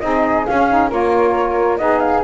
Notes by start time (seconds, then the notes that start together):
0.00 C4 D#4 G#4 D#5
0.46 C#4 F5
0.70 D#4
0.89 A#3 F4 A#4 C#5
1.77 B3 D#4 G#4 D#5
2.00 F5